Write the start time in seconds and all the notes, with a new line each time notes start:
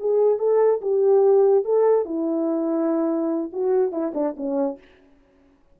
0.00 G#4
0.39 A4
0.81 G4
1.64 A4
2.05 E4
3.53 F#4
3.92 E4
4.14 D4
4.37 C#4